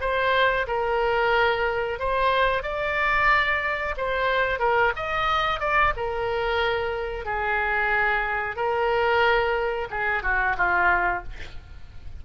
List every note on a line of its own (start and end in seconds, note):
0.00 0.66 C5
0.67 1.99 A#4
1.99 2.63 C5
2.63 3.95 D5
3.97 4.59 C5
4.59 4.92 A#4
4.96 5.60 D#5
5.60 5.93 D5
5.96 7.25 A#4
7.25 8.56 G#4
8.56 9.88 A#4
9.90 10.23 G#4
10.23 10.56 F#4
10.57 11.23 F4